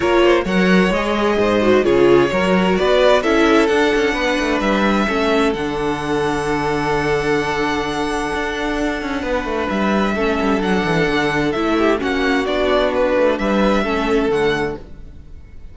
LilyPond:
<<
  \new Staff \with { instrumentName = "violin" } { \time 4/4 \tempo 4 = 130 cis''4 fis''4 dis''2 | cis''2 d''4 e''4 | fis''2 e''2 | fis''1~ |
fis''1~ | fis''4 e''2 fis''4~ | fis''4 e''4 fis''4 d''4 | b'4 e''2 fis''4 | }
  \new Staff \with { instrumentName = "violin" } { \time 4/4 ais'8 c''8 cis''2 c''4 | gis'4 ais'4 b'4 a'4~ | a'4 b'2 a'4~ | a'1~ |
a'1 | b'2 a'2~ | a'4. g'8 fis'2~ | fis'4 b'4 a'2 | }
  \new Staff \with { instrumentName = "viola" } { \time 4/4 f'4 ais'4 gis'4. fis'8 | f'4 fis'2 e'4 | d'2. cis'4 | d'1~ |
d'1~ | d'2 cis'4 d'4~ | d'4 e'4 cis'4 d'4~ | d'2 cis'4 a4 | }
  \new Staff \with { instrumentName = "cello" } { \time 4/4 ais4 fis4 gis4 gis,4 | cis4 fis4 b4 cis'4 | d'8 cis'8 b8 a8 g4 a4 | d1~ |
d2 d'4. cis'8 | b8 a8 g4 a8 g8 fis8 e8 | d4 a4 ais4 b4~ | b8 a8 g4 a4 d4 | }
>>